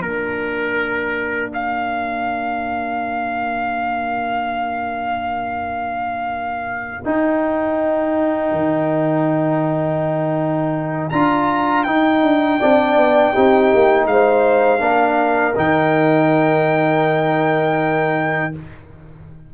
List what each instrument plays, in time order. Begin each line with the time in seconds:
0.00 tuba A#3, trombone D4, horn A#4, trumpet A#4
1.54 trumpet F5
7.05 trombone D#4, tuba D#4, trumpet G5
8.52 tuba D#3
11.10 tuba D4, trombone F4, trumpet A#5
11.84 tuba D#4, trombone D#4, trumpet G5
12.23 tuba D4
12.60 tuba C4, trombone D4, horn D5
12.96 tuba B3
13.33 tuba C4, trombone D#4, horn G4
13.75 tuba A#3
14.06 tuba G#3, horn C5, trumpet F5
14.79 tuba A#3, trombone D4, horn A#4
15.56 tuba D#3, trombone D#4, trumpet G5